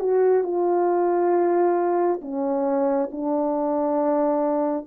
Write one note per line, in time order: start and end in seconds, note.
0.00 0.44 F#4
0.44 2.21 F4
2.22 3.10 C#4
3.12 4.87 D4